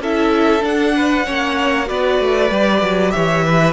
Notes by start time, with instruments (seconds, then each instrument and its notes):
0.00 cello C#4, viola E4, violin A4 E5
0.61 viola D4, cello D4, violin F#5
0.96 violin B4
1.26 cello A#3, viola C#4, violin C#5
1.86 cello B3, viola F#4, violin B4 D5
2.20 cello A3
2.51 cello G3, viola G4
2.82 cello F#3
3.11 cello E3, violin C#5 E5
3.45 violin B4